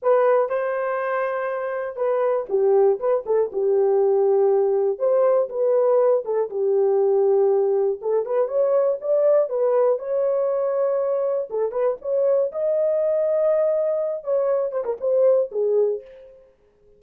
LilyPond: \new Staff \with { instrumentName = "horn" } { \time 4/4 \tempo 4 = 120 b'4 c''2. | b'4 g'4 b'8 a'8 g'4~ | g'2 c''4 b'4~ | b'8 a'8 g'2. |
a'8 b'8 cis''4 d''4 b'4 | cis''2. a'8 b'8 | cis''4 dis''2.~ | dis''8 cis''4 c''16 ais'16 c''4 gis'4 | }